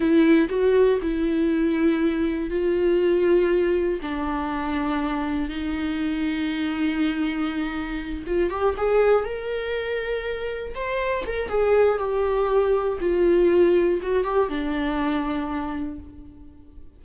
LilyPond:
\new Staff \with { instrumentName = "viola" } { \time 4/4 \tempo 4 = 120 e'4 fis'4 e'2~ | e'4 f'2. | d'2. dis'4~ | dis'1~ |
dis'8 f'8 g'8 gis'4 ais'4.~ | ais'4. c''4 ais'8 gis'4 | g'2 f'2 | fis'8 g'8 d'2. | }